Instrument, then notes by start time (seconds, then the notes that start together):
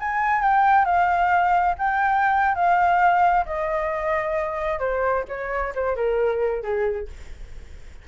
flute
0.00 G#5
0.42 G5
0.85 F5
1.78 G5
2.55 F5
3.46 D#5
4.79 C5
5.28 C#5
5.75 C5
5.96 A#4
6.63 G#4